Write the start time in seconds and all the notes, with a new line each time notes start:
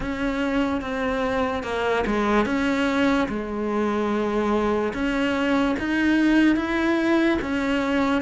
0.00 C#4
0.81 C4
1.63 A#3
2.06 G#3
2.45 C#4
3.28 G#3
4.93 C#4
5.79 D#4
6.56 E4
7.41 C#4